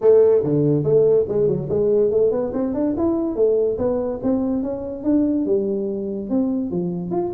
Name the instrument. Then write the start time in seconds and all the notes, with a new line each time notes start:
tuba
0.01 A3
0.43 D3
0.83 A3
1.28 G#3
1.47 F#3
1.69 G#3
2.10 A3
2.31 B3
2.53 C4
2.74 D4
2.97 E4
3.35 A3
3.78 B3
4.22 C4
4.62 C#4
5.03 D4
5.45 G3
6.29 C4
6.70 F3
7.10 F4